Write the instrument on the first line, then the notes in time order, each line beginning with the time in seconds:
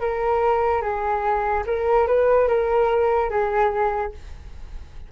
flute
0.00 A#4
0.81 G#4
1.66 A#4
2.07 B4
2.48 A#4
3.30 G#4